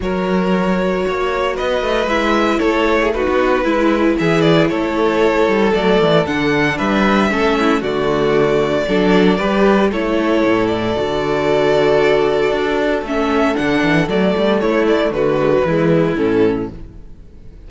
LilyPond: <<
  \new Staff \with { instrumentName = "violin" } { \time 4/4 \tempo 4 = 115 cis''2. dis''4 | e''4 cis''4 b'2 | e''8 d''8 cis''2 d''4 | fis''4 e''2 d''4~ |
d''2. cis''4~ | cis''8 d''2.~ d''8~ | d''4 e''4 fis''4 d''4 | cis''8 d''8 b'2 a'4 | }
  \new Staff \with { instrumentName = "violin" } { \time 4/4 ais'2 cis''4 b'4~ | b'4 a'8. gis'16 fis'4 e'4 | gis'4 a'2.~ | a'4 b'4 a'8 e'8 fis'4~ |
fis'4 a'4 b'4 a'4~ | a'1~ | a'1 | e'4 fis'4 e'2 | }
  \new Staff \with { instrumentName = "viola" } { \time 4/4 fis'1 | e'2 dis'4 e'4~ | e'2. a4 | d'2 cis'4 a4~ |
a4 d'4 g'4 e'4~ | e'4 fis'2.~ | fis'4 cis'4 d'4 a4~ | a4. gis16 fis16 gis4 cis'4 | }
  \new Staff \with { instrumentName = "cello" } { \time 4/4 fis2 ais4 b8 a8 | gis4 a4~ a16 b8. gis4 | e4 a4. g8 fis8 e8 | d4 g4 a4 d4~ |
d4 fis4 g4 a4 | a,4 d2. | d'4 a4 d8 e8 fis8 g8 | a4 d4 e4 a,4 | }
>>